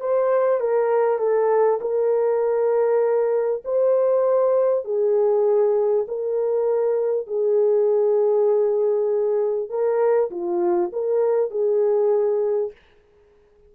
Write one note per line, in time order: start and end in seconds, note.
0.00 0.60 C5
0.60 1.18 A#4
1.18 1.79 A4
1.80 3.62 A#4
3.64 4.84 C5
4.84 6.05 G#4
6.07 7.27 A#4
7.27 9.69 G#4
9.69 10.30 A#4
10.30 10.91 F4
10.92 11.50 A#4
11.50 12.71 G#4